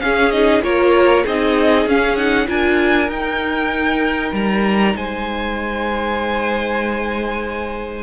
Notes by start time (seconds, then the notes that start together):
0.00 C#4 G#4 F5
0.30 D#4 D#5
0.62 A#3 F4 A#4 C#5
1.23 C4 D#4 G#4 D#5
1.86 C#4 F5
2.16 D#4 F#5
2.47 D4 F4 A#4 G#5
3.08 D#4 G5
4.32 G3 A#5
4.95 G#3 C5 G#5